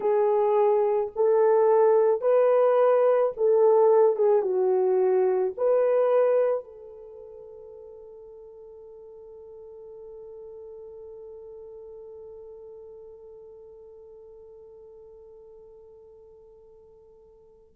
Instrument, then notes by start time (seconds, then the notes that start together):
horn
0.00 G#4
1.15 A4
2.21 B4
3.36 A4
4.16 G#4
4.41 F#4
5.57 B4
6.64 A4